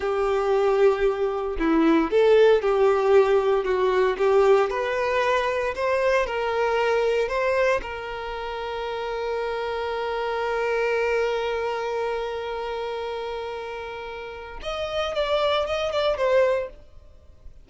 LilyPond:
\new Staff \with { instrumentName = "violin" } { \time 4/4 \tempo 4 = 115 g'2. e'4 | a'4 g'2 fis'4 | g'4 b'2 c''4 | ais'2 c''4 ais'4~ |
ais'1~ | ais'1~ | ais'1 | dis''4 d''4 dis''8 d''8 c''4 | }